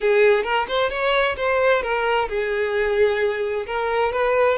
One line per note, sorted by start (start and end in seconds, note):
0.00 0.43 G#4
0.43 0.66 A#4
0.68 0.90 C5
0.90 1.36 C#5
1.36 1.82 C5
1.82 2.28 A#4
2.28 3.66 G#4
3.66 4.12 A#4
4.12 4.58 B4